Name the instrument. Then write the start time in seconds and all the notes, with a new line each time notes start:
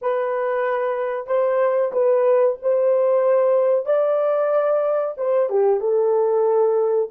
horn
0.01 B4
1.26 C5
1.92 B4
2.62 C5
3.85 D5
5.17 C5
5.49 G4
5.80 A4